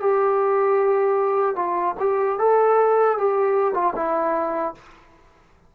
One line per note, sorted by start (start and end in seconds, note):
0.00 1.55 G4
1.55 1.95 F4
2.00 2.39 G4
2.39 3.18 A4
3.18 3.74 G4
3.74 3.94 F4
3.95 4.74 E4